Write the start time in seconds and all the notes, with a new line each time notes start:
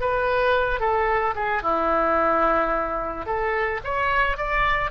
0.00 B4
0.80 A4
1.35 G#4
1.62 E4
3.26 A4
3.84 C#5
4.37 D5